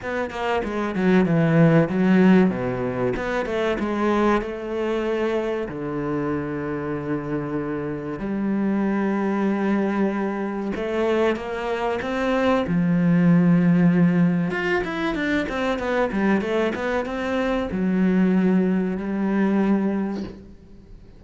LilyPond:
\new Staff \with { instrumentName = "cello" } { \time 4/4 \tempo 4 = 95 b8 ais8 gis8 fis8 e4 fis4 | b,4 b8 a8 gis4 a4~ | a4 d2.~ | d4 g2.~ |
g4 a4 ais4 c'4 | f2. f'8 e'8 | d'8 c'8 b8 g8 a8 b8 c'4 | fis2 g2 | }